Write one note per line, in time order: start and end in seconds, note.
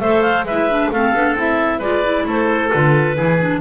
0.00 0.43 A3
0.00 0.47 A4
0.00 0.46 C5
0.00 0.22 E5
0.22 0.45 F5
0.43 0.88 G#3
0.43 0.91 B4
0.43 0.91 E5
0.51 0.70 E4
0.70 0.93 D4
0.91 1.13 A3
0.91 1.15 C4
0.91 1.78 A4
0.91 1.36 F5
1.14 1.34 B3
1.14 1.37 D4
1.34 1.79 C4
1.34 1.82 E4
1.34 1.81 E5
1.78 2.24 G#3
1.78 2.04 F4
1.78 2.23 B4
1.78 2.26 D5
2.04 2.72 E4
2.26 2.71 A3
2.26 3.17 A4
2.26 2.70 C5
2.70 3.19 D3
2.70 3.16 F4
2.70 3.60 B4
3.16 3.61 E3
3.16 3.39 E4
3.16 3.61 G#4
3.40 3.61 D4